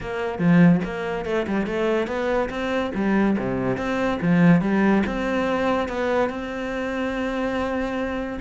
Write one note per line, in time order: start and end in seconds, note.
0.00 0.39 A#3
0.39 0.80 F3
0.84 1.25 A#3
1.25 1.46 A3
1.47 1.66 G3
1.66 2.07 A3
2.07 2.49 B3
2.49 2.91 C4
2.95 3.37 G3
3.38 3.77 C3
3.77 4.19 C4
4.21 4.61 F3
4.61 5.03 G3
5.06 5.88 C4
5.88 6.29 B3
6.29 8.39 C4